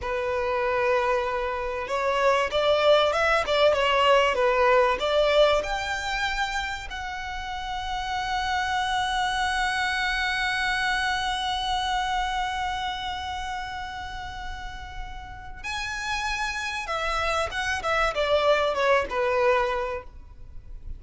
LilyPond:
\new Staff \with { instrumentName = "violin" } { \time 4/4 \tempo 4 = 96 b'2. cis''4 | d''4 e''8 d''8 cis''4 b'4 | d''4 g''2 fis''4~ | fis''1~ |
fis''1~ | fis''1~ | fis''4 gis''2 e''4 | fis''8 e''8 d''4 cis''8 b'4. | }